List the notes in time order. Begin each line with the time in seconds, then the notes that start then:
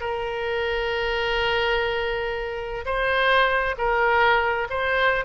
0.00 A#4
2.86 C5
3.78 A#4
4.70 C5